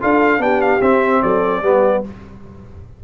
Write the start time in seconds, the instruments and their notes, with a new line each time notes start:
0.00 tuba D4, trombone F4, horn A4, trumpet F5
0.39 tuba B3, trombone D4, horn G4, trumpet G5
0.61 trumpet F5
0.81 trombone C4, tuba C4, trumpet E5
1.22 tuba F#3, horn A4, trumpet D5
1.62 tuba G3, trombone B3, horn G4